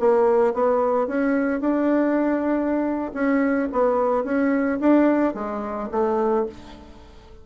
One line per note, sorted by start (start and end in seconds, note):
0.00 0.54 A#3
0.54 1.08 B3
1.08 1.61 C#4
1.61 3.12 D4
3.14 3.69 C#4
3.73 4.25 B3
4.25 4.80 C#4
4.81 5.35 D4
5.35 5.90 G#3
5.92 6.47 A3